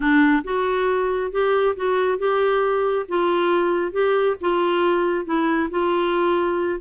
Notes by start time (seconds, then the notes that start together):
0.00 D4
0.44 F#4
1.31 G4
1.76 F#4
2.18 G4
3.08 F4
3.92 G4
4.40 F4
5.25 E4
5.70 F4